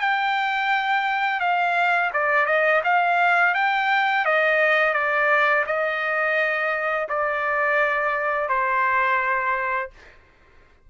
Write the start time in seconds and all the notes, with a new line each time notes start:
0.00 G5
1.40 F5
2.13 D5
2.46 D#5
2.84 F5
3.54 G5
4.25 D#5
4.93 D5
5.66 D#5
7.08 D5
8.49 C5